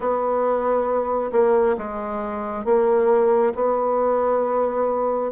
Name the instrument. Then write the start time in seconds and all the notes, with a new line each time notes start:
bassoon
0.00 B3
1.32 A#3
1.77 G#3
2.65 A#3
3.55 B3